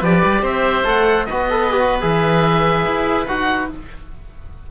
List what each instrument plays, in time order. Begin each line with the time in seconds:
0.00 cello F3, trombone G4, oboe B4 D5
0.24 cello G3
0.42 cello C4, oboe C5 E5
0.84 cello A3, trombone A4, oboe F#5
1.25 cello B3, trombone F#4, oboe B4 D#5
1.50 trombone A4
1.70 trombone G4
1.80 trombone F#4
2.01 cello E3, trombone G#4, oboe E5
2.85 cello E4
3.27 cello D#4, trombone F#4, oboe F#5